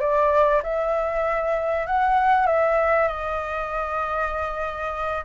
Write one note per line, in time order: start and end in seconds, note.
0.00 0.62 D5
0.63 1.86 E5
1.86 2.46 F#5
2.46 3.08 E5
3.08 5.24 D#5